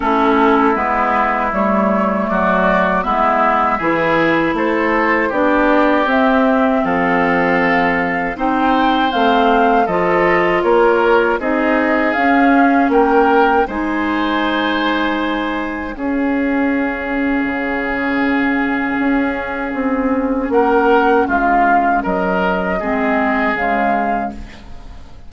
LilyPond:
<<
  \new Staff \with { instrumentName = "flute" } { \time 4/4 \tempo 4 = 79 a'4 b'4 cis''4 d''4 | e''2 c''4 d''4 | e''4 f''2 g''4 | f''4 dis''4 cis''4 dis''4 |
f''4 g''4 gis''2~ | gis''4 f''2.~ | f''2. fis''4 | f''4 dis''2 f''4 | }
  \new Staff \with { instrumentName = "oboe" } { \time 4/4 e'2. fis'4 | e'4 gis'4 a'4 g'4~ | g'4 a'2 c''4~ | c''4 a'4 ais'4 gis'4~ |
gis'4 ais'4 c''2~ | c''4 gis'2.~ | gis'2. ais'4 | f'4 ais'4 gis'2 | }
  \new Staff \with { instrumentName = "clarinet" } { \time 4/4 cis'4 b4 a2 | b4 e'2 d'4 | c'2. dis'4 | c'4 f'2 dis'4 |
cis'2 dis'2~ | dis'4 cis'2.~ | cis'1~ | cis'2 c'4 gis4 | }
  \new Staff \with { instrumentName = "bassoon" } { \time 4/4 a4 gis4 g4 fis4 | gis4 e4 a4 b4 | c'4 f2 c'4 | a4 f4 ais4 c'4 |
cis'4 ais4 gis2~ | gis4 cis'2 cis4~ | cis4 cis'4 c'4 ais4 | gis4 fis4 gis4 cis4 | }
>>